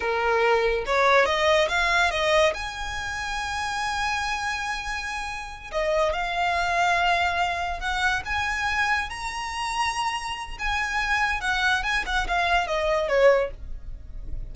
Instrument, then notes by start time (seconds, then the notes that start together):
violin
0.00 A#4
0.85 C#5
1.25 D#5
1.68 F5
2.10 D#5
2.54 G#5
5.71 D#5
6.12 F5
7.80 F#5
8.25 G#5
9.09 A#5
10.58 G#5
11.41 F#5
11.83 G#5
12.06 F#5
12.27 F5
12.67 D#5
13.08 C#5